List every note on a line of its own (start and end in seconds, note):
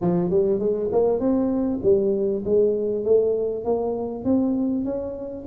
0.01 0.30 F3
0.30 0.59 G3
0.59 0.89 G#3
0.92 1.19 A#3
1.19 1.80 C4
1.83 2.43 G3
2.45 3.04 G#3
3.04 3.64 A3
3.64 4.24 A#3
4.24 4.85 C4
4.85 5.45 C#4